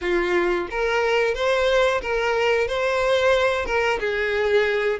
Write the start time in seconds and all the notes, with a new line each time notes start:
0.01 F4
0.70 A#4
1.34 C5
2.02 A#4
2.67 C5
3.65 A#4
3.99 G#4